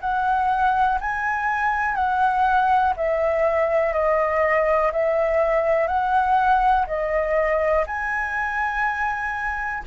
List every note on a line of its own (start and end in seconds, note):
0.00 0.98 F#5
1.00 1.95 G#5
1.95 2.93 F#5
2.96 3.93 E5
3.93 4.91 D#5
4.92 5.87 E5
5.87 6.85 F#5
6.87 7.85 D#5
7.86 9.83 G#5